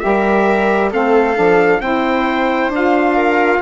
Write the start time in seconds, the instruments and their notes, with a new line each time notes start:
0.00 bassoon G3, saxophone G4, viola A#4, trumpet E5
0.91 bassoon A3, saxophone C4, viola A4, trumpet F5
1.35 bassoon F3, saxophone D4
1.80 bassoon C4, saxophone E4, viola C5, trumpet G5
2.68 bassoon D4
2.74 saxophone F4, trumpet F5
3.15 viola A#4